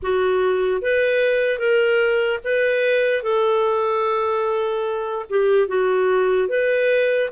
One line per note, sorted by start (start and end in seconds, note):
0.02 0.81 F#4
0.81 1.58 B4
1.58 2.39 A#4
2.44 3.22 B4
3.22 5.25 A4
5.29 5.68 G4
5.68 6.48 F#4
6.48 7.29 B4